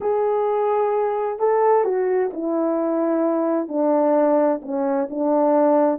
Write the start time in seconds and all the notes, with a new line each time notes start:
0.00 G#4
1.39 A4
1.84 F#4
2.33 E4
3.68 D4
4.62 C#4
5.10 D4